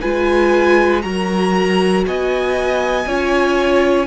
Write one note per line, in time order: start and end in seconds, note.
0.00 1.04 G#3
0.00 1.02 F4
0.00 1.02 B4
0.00 1.01 G#5
1.01 2.06 F#3
1.01 3.05 F#4
1.01 2.06 A#4
1.01 2.03 A#5
2.06 3.06 B3
2.06 3.07 D#5
2.06 4.06 G#5
3.06 4.06 C#4
3.06 4.06 F4
3.06 4.06 C#5